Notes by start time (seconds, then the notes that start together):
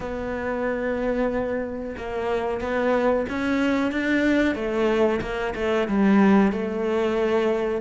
0.00 B3
1.97 A#3
2.61 B3
3.29 C#4
3.91 D4
4.55 A3
5.21 A#3
5.55 A3
5.88 G3
6.52 A3